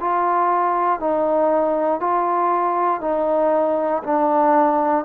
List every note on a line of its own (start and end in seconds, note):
0.00 0.99 F4
0.99 2.00 D#4
2.00 3.00 F4
3.00 4.02 D#4
4.03 5.05 D4